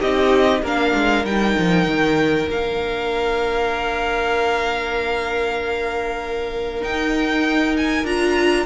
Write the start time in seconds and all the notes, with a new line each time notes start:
0.00 C4 D#4 G4 D#5
0.62 A#3 D4 A#4 F5
0.94 G#3
1.25 G3 D#4 G5
1.58 F3
1.86 D#3
2.48 A#3 D4 F5
6.81 D#4 G5
7.77 G#5
8.04 D4 F4 A#5